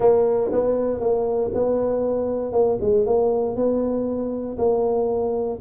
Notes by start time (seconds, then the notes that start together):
0.00 A#3
0.52 B3
1.00 A#3
1.54 B3
2.52 A#3
2.81 G#3
3.06 A#3
3.56 B3
4.58 A#3